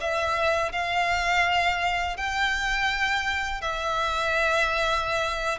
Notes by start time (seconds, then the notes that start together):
0.00 E5
0.72 F5
2.17 G5
3.61 E5